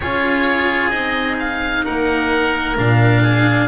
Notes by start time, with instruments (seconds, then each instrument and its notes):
0.00 double bass C#4, cello F4, oboe G#4 C#5
0.89 double bass C4, cello D#4, oboe D#5
1.39 oboe F5
1.84 double bass A#3, oboe A#4 F#5
2.76 double bass A#2, cello D4, oboe F5
3.22 oboe G#4